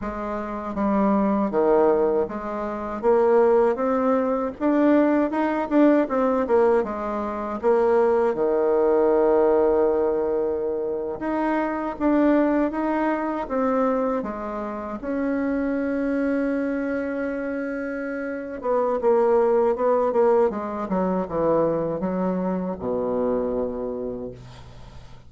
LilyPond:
\new Staff \with { instrumentName = "bassoon" } { \time 4/4 \tempo 4 = 79 gis4 g4 dis4 gis4 | ais4 c'4 d'4 dis'8 d'8 | c'8 ais8 gis4 ais4 dis4~ | dis2~ dis8. dis'4 d'16~ |
d'8. dis'4 c'4 gis4 cis'16~ | cis'1~ | cis'8 b8 ais4 b8 ais8 gis8 fis8 | e4 fis4 b,2 | }